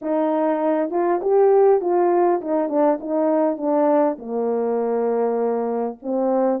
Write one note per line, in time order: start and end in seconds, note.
0.01 0.90 D#4
0.90 1.20 F4
1.21 1.80 G4
1.80 2.40 F4
2.41 2.68 D#4
2.68 2.98 D4
3.00 3.57 D#4
3.57 4.17 D4
4.18 5.98 A#3
6.02 6.60 C4